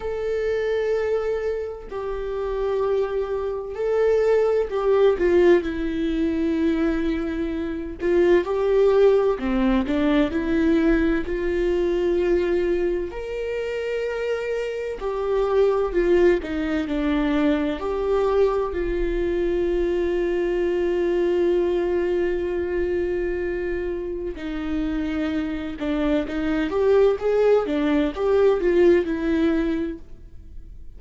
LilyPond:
\new Staff \with { instrumentName = "viola" } { \time 4/4 \tempo 4 = 64 a'2 g'2 | a'4 g'8 f'8 e'2~ | e'8 f'8 g'4 c'8 d'8 e'4 | f'2 ais'2 |
g'4 f'8 dis'8 d'4 g'4 | f'1~ | f'2 dis'4. d'8 | dis'8 g'8 gis'8 d'8 g'8 f'8 e'4 | }